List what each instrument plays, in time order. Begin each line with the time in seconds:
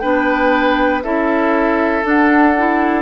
0.00 bassoon B3, clarinet D4, oboe B4, flute G5
1.04 bassoon C#4, clarinet E4, oboe A4, flute E5
2.03 clarinet D4, bassoon D4, flute F#5
2.58 clarinet E4